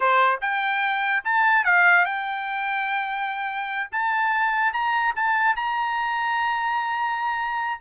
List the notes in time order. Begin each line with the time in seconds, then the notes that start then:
0.00 C5
0.41 G5
1.24 A5
1.64 F5
2.05 G5
3.91 A5
4.73 A#5
5.15 A5
5.56 A#5